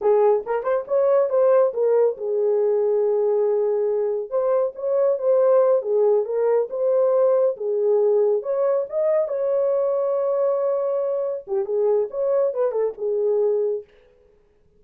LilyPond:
\new Staff \with { instrumentName = "horn" } { \time 4/4 \tempo 4 = 139 gis'4 ais'8 c''8 cis''4 c''4 | ais'4 gis'2.~ | gis'2 c''4 cis''4 | c''4. gis'4 ais'4 c''8~ |
c''4. gis'2 cis''8~ | cis''8 dis''4 cis''2~ cis''8~ | cis''2~ cis''8 g'8 gis'4 | cis''4 b'8 a'8 gis'2 | }